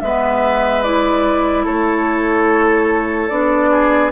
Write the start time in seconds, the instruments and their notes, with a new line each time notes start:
0.00 bassoon G#3, clarinet B3, oboe B4, flute E5
0.82 clarinet E4, flute D5
1.65 bassoon A3, oboe A4, flute C#5
3.28 bassoon B3, clarinet D4, flute D5
3.70 oboe G#4